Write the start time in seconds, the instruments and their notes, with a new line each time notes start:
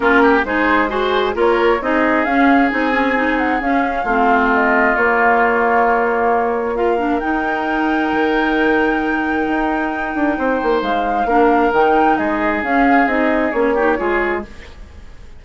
0.00 bassoon A#3, clarinet C#4, oboe F4, flute A#4
0.22 oboe G4
0.44 bassoon G#3, clarinet D#4, oboe G#4, flute C5
0.88 clarinet F#4, flute G#4, oboe C5
1.33 bassoon A#3, clarinet F4, oboe A#4, flute C#5
1.80 bassoon C4, clarinet D#4, oboe G#4, flute D#5
2.24 bassoon C#4, clarinet C#4, flute F5
2.70 bassoon C4, clarinet D#4, flute G#5
2.92 clarinet C#4
3.15 clarinet D#4
3.38 flute F#5
3.60 bassoon C#4, clarinet C#4, flute F5
4.03 bassoon A3, clarinet C4, oboe F4
4.53 flute D#5
4.96 bassoon A#3, clarinet A#3, flute C#5
6.75 clarinet F4, oboe A#4, flute F5
6.97 clarinet D4
7.20 clarinet D#4, bassoon D#4, flute G5
8.12 bassoon D#3
9.47 bassoon D#4
10.14 bassoon D4
10.37 bassoon C4, oboe C5
10.63 bassoon A#3
10.82 bassoon G#3, flute F5
11.25 bassoon A#3, clarinet D4, oboe A#4
11.72 bassoon D#3, clarinet D#4, flute G5
12.16 bassoon G#3, oboe G#4, flute D#5
12.62 bassoon C#4, clarinet C#4, flute F5
13.06 bassoon C4, clarinet D#4, flute D#5
13.51 bassoon A#3, clarinet C#4, flute C#5
13.74 clarinet D#4, oboe G4
13.97 bassoon G#3, clarinet F4, oboe G#4